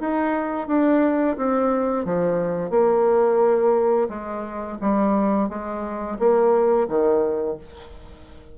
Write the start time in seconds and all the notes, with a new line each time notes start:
0.00 D#4
0.67 D4
1.37 C4
2.05 F3
2.70 A#3
4.09 G#3
4.81 G3
5.49 G#3
6.19 A#3
6.88 D#3